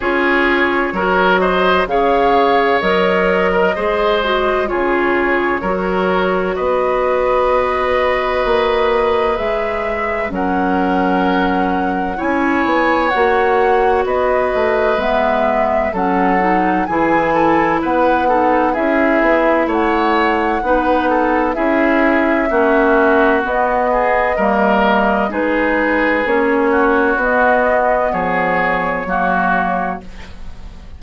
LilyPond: <<
  \new Staff \with { instrumentName = "flute" } { \time 4/4 \tempo 4 = 64 cis''4. dis''8 f''4 dis''4~ | dis''4 cis''2 dis''4~ | dis''2 e''4 fis''4~ | fis''4 gis''4 fis''4 dis''4 |
e''4 fis''4 gis''4 fis''4 | e''4 fis''2 e''4~ | e''4 dis''2 b'4 | cis''4 dis''4 cis''2 | }
  \new Staff \with { instrumentName = "oboe" } { \time 4/4 gis'4 ais'8 c''8 cis''4.~ cis''16 ais'16 | c''4 gis'4 ais'4 b'4~ | b'2. ais'4~ | ais'4 cis''2 b'4~ |
b'4 a'4 gis'8 a'8 b'8 a'8 | gis'4 cis''4 b'8 a'8 gis'4 | fis'4. gis'8 ais'4 gis'4~ | gis'8 fis'4. gis'4 fis'4 | }
  \new Staff \with { instrumentName = "clarinet" } { \time 4/4 f'4 fis'4 gis'4 ais'4 | gis'8 fis'8 f'4 fis'2~ | fis'2 gis'4 cis'4~ | cis'4 e'4 fis'2 |
b4 cis'8 dis'8 e'4. dis'8 | e'2 dis'4 e'4 | cis'4 b4 ais4 dis'4 | cis'4 b2 ais4 | }
  \new Staff \with { instrumentName = "bassoon" } { \time 4/4 cis'4 fis4 cis4 fis4 | gis4 cis4 fis4 b4~ | b4 ais4 gis4 fis4~ | fis4 cis'8 b8 ais4 b8 a8 |
gis4 fis4 e4 b4 | cis'8 b8 a4 b4 cis'4 | ais4 b4 g4 gis4 | ais4 b4 f4 fis4 | }
>>